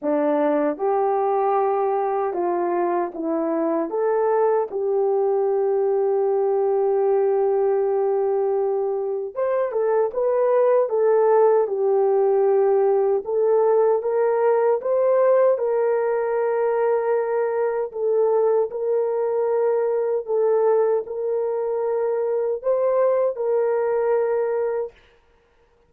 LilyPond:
\new Staff \with { instrumentName = "horn" } { \time 4/4 \tempo 4 = 77 d'4 g'2 f'4 | e'4 a'4 g'2~ | g'1 | c''8 a'8 b'4 a'4 g'4~ |
g'4 a'4 ais'4 c''4 | ais'2. a'4 | ais'2 a'4 ais'4~ | ais'4 c''4 ais'2 | }